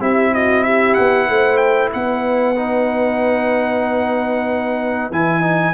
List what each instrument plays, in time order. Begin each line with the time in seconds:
0.00 tuba C4, trombone E4, horn G4, trumpet E5
0.33 horn F#4, trumpet D#5
0.64 horn G4, trumpet E5
0.94 tuba B3, trumpet F#5
1.29 tuba A3, horn C5
1.57 trumpet G5
1.92 tuba B3, horn B4, trumpet F#5
2.56 trombone D#4
5.10 tuba E3, trombone E4, trumpet G#5
5.41 trombone D#4